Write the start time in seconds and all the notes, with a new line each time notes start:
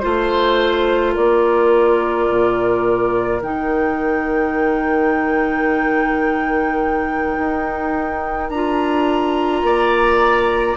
0.00 A3 F4 C5
1.13 A#3 A#4 D5
2.29 A#2
3.42 D#3 D#4 G5
7.38 D#4
8.50 D4 F4 A#5
9.63 A#3 D5